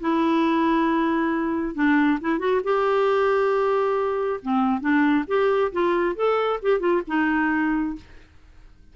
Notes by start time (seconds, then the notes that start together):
0.00 E4
1.74 D4
2.20 E4
2.39 F#4
2.64 G4
4.42 C4
4.80 D4
5.27 G4
5.72 F4
6.15 A4
6.62 G4
6.80 F4
7.07 D#4